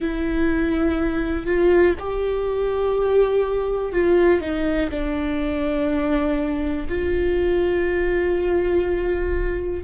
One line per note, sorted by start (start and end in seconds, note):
0.00 1.45 E4
1.45 1.94 F4
1.99 3.92 G4
3.92 4.40 F4
4.40 4.90 D#4
4.90 6.87 D4
6.88 9.83 F4